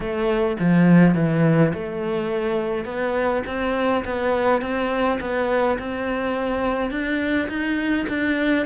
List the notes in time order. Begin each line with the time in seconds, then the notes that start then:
0.00 A3
0.59 F3
1.15 E3
1.73 A3
2.84 B3
3.46 C4
4.04 B3
4.61 C4
5.20 B3
5.78 C4
6.90 D4
7.48 D#4
8.08 D4